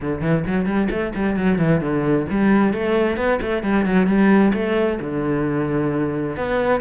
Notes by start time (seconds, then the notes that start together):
0.00 D3
0.21 E3
0.46 F#3
0.65 G3
0.90 A3
1.15 G3
1.36 F#3
1.58 E3
1.81 D3
2.30 G3
2.73 A3
3.16 B3
3.41 A3
3.62 G3
3.85 F#3
4.07 G3
4.53 A3
5.00 D3
6.36 B3